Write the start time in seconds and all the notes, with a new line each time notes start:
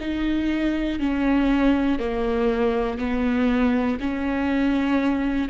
0.00 D#4
0.99 C#4
1.99 A#3
2.98 B3
4.00 C#4